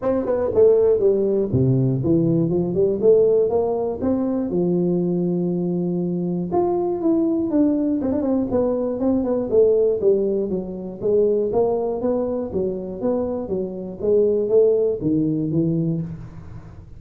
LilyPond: \new Staff \with { instrumentName = "tuba" } { \time 4/4 \tempo 4 = 120 c'8 b8 a4 g4 c4 | e4 f8 g8 a4 ais4 | c'4 f2.~ | f4 f'4 e'4 d'4 |
c'16 d'16 c'8 b4 c'8 b8 a4 | g4 fis4 gis4 ais4 | b4 fis4 b4 fis4 | gis4 a4 dis4 e4 | }